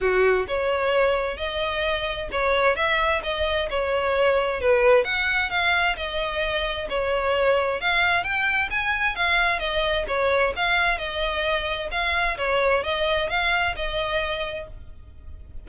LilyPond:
\new Staff \with { instrumentName = "violin" } { \time 4/4 \tempo 4 = 131 fis'4 cis''2 dis''4~ | dis''4 cis''4 e''4 dis''4 | cis''2 b'4 fis''4 | f''4 dis''2 cis''4~ |
cis''4 f''4 g''4 gis''4 | f''4 dis''4 cis''4 f''4 | dis''2 f''4 cis''4 | dis''4 f''4 dis''2 | }